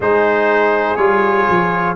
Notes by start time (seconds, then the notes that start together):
0.00 G#3 D#4 G#4 C5
0.96 G3 F4 C#5
1.49 F3